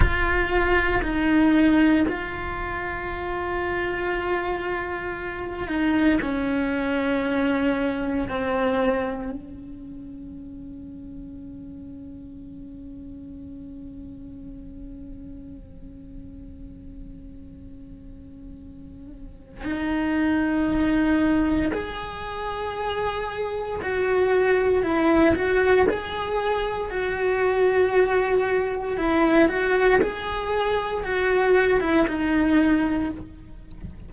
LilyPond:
\new Staff \with { instrumentName = "cello" } { \time 4/4 \tempo 4 = 58 f'4 dis'4 f'2~ | f'4. dis'8 cis'2 | c'4 cis'2.~ | cis'1~ |
cis'2. dis'4~ | dis'4 gis'2 fis'4 | e'8 fis'8 gis'4 fis'2 | e'8 fis'8 gis'4 fis'8. e'16 dis'4 | }